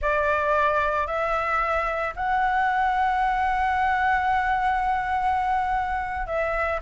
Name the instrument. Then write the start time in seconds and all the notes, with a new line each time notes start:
flute
0.01 D5
1.07 E5
2.16 F#5
6.26 E5